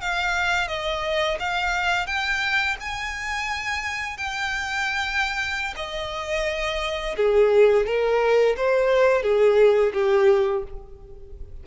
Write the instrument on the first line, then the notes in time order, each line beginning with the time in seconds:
violin
0.00 F5
0.68 D#5
1.39 F5
2.06 G5
2.80 G#5
4.17 G5
5.76 D#5
7.16 G#4
7.86 A#4
8.56 C5
9.23 G#4
9.93 G4